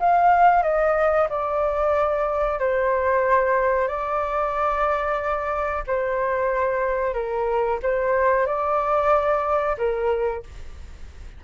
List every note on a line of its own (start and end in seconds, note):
0.00 0.63 F5
0.63 1.28 D#5
1.30 2.60 D5
2.60 3.88 C5
3.88 5.84 D5
5.87 7.14 C5
7.14 7.79 A#4
7.83 8.46 C5
8.46 9.77 D5
9.78 10.43 A#4